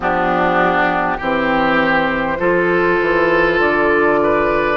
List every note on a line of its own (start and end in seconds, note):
0.00 1.18 F3
0.00 1.20 B3
0.00 1.17 D4
0.00 1.20 G4
1.17 2.39 E3
1.17 2.38 C4
1.17 2.37 G4
1.17 3.60 C5
2.38 2.99 F3
2.38 4.76 F4
2.38 4.19 A4
3.00 3.59 E3
3.59 4.76 D3
3.59 4.76 D5
4.23 4.76 B4